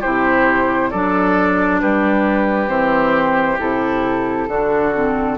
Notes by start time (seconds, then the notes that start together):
0.00 C3 E4 G4 C5
0.90 F#3 D4 A4 D5
1.80 G3 G4 B4
2.67 E3 C4 C5
3.58 C3 E4 A4
4.48 D3 D4 F#4
4.94 C4